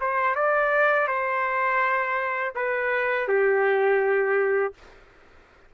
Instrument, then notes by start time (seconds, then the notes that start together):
trumpet
0.00 C5
0.35 D5
1.07 C5
2.55 B4
3.28 G4